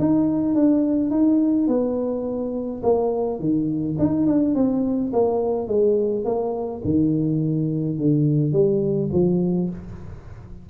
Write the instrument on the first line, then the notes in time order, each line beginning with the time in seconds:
tuba
0.00 D#4
0.55 D4
1.11 D#4
1.68 B3
2.83 A#3
3.40 D#3
3.99 D#4
4.27 D4
4.55 C4
5.13 A#3
5.68 G#3
6.25 A#3
6.85 D#3
7.98 D3
8.53 G3
9.13 F3